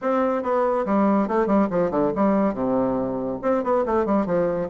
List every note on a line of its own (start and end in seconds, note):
0.01 0.42 C4
0.42 0.85 B3
0.85 1.27 G3
1.27 1.46 A3
1.46 1.68 G3
1.70 1.91 F3
1.91 2.12 D3
2.15 2.53 G3
2.53 3.38 C3
3.42 3.63 C4
3.63 3.85 B3
3.85 4.05 A3
4.05 4.26 G3
4.26 4.68 F3